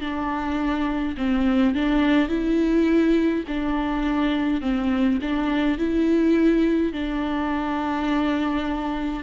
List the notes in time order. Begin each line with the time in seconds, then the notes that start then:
0.00 D4
1.17 C4
1.75 D4
2.28 E4
3.47 D4
4.61 C4
5.21 D4
5.78 E4
6.93 D4